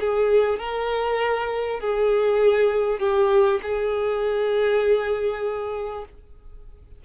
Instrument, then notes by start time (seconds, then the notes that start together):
violin
0.00 G#4
0.59 A#4
1.80 G#4
2.99 G4
3.63 G#4